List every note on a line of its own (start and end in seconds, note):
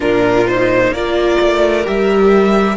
0.00 0.89 A#2
0.00 0.45 D4
0.00 0.90 F4
0.00 0.47 A#4
0.47 0.95 D#4
0.47 0.93 C5
0.89 1.36 A#3
0.89 1.84 F4
0.89 2.76 A#4
0.89 1.85 D5
1.40 1.86 A3
1.84 2.76 G3
1.84 2.76 G4
1.84 2.76 E5